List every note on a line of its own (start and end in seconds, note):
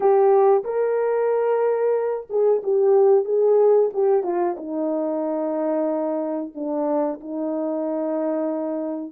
0.00 0.63 G4
0.64 2.27 A#4
2.29 2.62 G#4
2.63 3.24 G4
3.24 3.90 G#4
3.93 4.23 G4
4.23 4.55 F4
4.57 6.52 D#4
6.55 7.20 D4
7.20 9.12 D#4